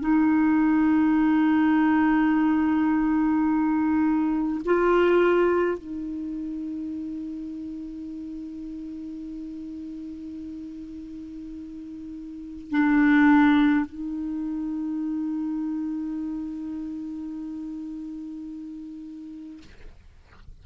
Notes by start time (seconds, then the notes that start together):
0.00 D#4
4.65 F4
5.78 D#4
12.70 D4
13.86 D#4